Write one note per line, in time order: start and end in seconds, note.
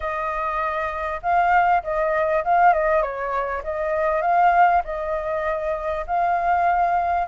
0.00 1.20 D#5
1.22 1.83 F5
1.83 2.44 D#5
2.44 2.73 F5
2.73 3.01 D#5
3.01 3.62 C#5
3.63 4.21 D#5
4.21 4.82 F5
4.84 6.05 D#5
6.06 7.28 F5